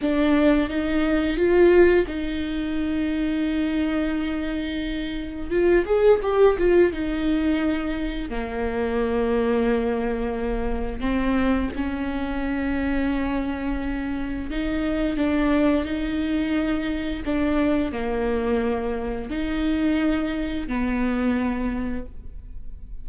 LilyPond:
\new Staff \with { instrumentName = "viola" } { \time 4/4 \tempo 4 = 87 d'4 dis'4 f'4 dis'4~ | dis'1 | f'8 gis'8 g'8 f'8 dis'2 | ais1 |
c'4 cis'2.~ | cis'4 dis'4 d'4 dis'4~ | dis'4 d'4 ais2 | dis'2 b2 | }